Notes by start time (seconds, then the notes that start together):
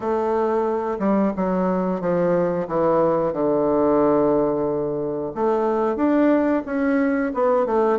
0.00 A3
0.98 G3
1.36 F#3
2.00 F3
2.67 E3
3.32 D3
5.35 A3
5.95 D4
6.65 C#4
7.34 B3
7.65 A3